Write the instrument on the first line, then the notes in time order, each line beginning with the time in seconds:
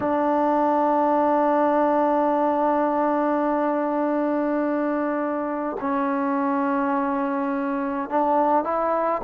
trombone
0.00 D4
5.80 C#4
8.09 D4
8.64 E4